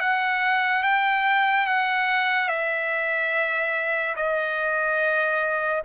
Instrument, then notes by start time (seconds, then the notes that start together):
trumpet
0.00 F#5
0.83 G5
1.67 F#5
2.48 E5
4.16 D#5